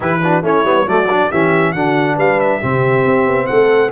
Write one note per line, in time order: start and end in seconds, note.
0.00 0.42 E3
0.00 0.20 E4
0.00 0.20 G4
0.00 0.45 B4
0.23 0.43 D4
0.23 0.43 F#4
0.42 0.63 A3
0.42 0.64 C#4
0.42 0.87 E4
0.42 0.88 C#5
0.63 0.85 G3
0.63 0.86 B3
0.86 1.29 F#3
0.86 1.08 A3
0.86 1.30 F#4
0.86 1.31 D5
1.10 1.31 D4
1.30 1.74 E3
1.30 1.75 C#4
1.30 1.73 G4
1.30 1.72 E5
1.72 2.17 D3
1.72 2.61 D4
1.72 2.15 F#4
1.72 2.16 F#5
2.15 2.61 G3
2.15 2.59 B4
2.15 2.40 F5
2.40 3.46 E5
2.59 3.05 C3
2.59 3.91 C4
2.59 3.46 G4
3.05 3.26 C4
3.26 3.48 B3
3.46 3.91 A3
3.46 3.90 A4
3.46 3.89 F#5